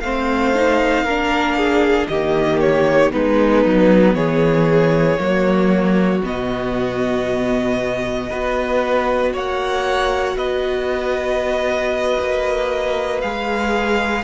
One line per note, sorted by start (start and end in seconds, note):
0.00 1.04 A3
0.00 0.55 C4
0.00 1.04 C5
0.00 2.07 F5
0.55 1.07 D#4
1.04 2.07 A#3
1.04 2.12 D4
1.04 1.56 A#4
1.57 2.09 G#4
2.08 3.12 D#3
2.08 3.11 A#3
2.08 3.13 G4
2.08 2.60 D#5
2.60 3.12 C#5
3.11 3.66 G#3
3.11 5.18 B3
3.11 4.16 D#4
3.11 4.15 B4
3.66 4.15 F#3
4.15 5.18 E3
4.15 5.20 G#4
4.15 6.22 C#5
5.18 6.22 F#3
5.18 6.22 A#3
5.18 8.29 F#4
6.24 8.31 B2
6.24 8.31 B3
6.24 9.36 D#5
8.29 9.34 B3
8.29 13.22 F#4
8.29 9.33 B4
9.33 10.36 A#3
9.33 10.37 C#5
9.33 10.37 F#5
10.36 12.17 B3
10.36 14.24 B4
10.36 13.21 D#5
12.20 13.23 A#3
13.21 14.24 G#3
13.21 14.24 G#4
13.21 14.24 F5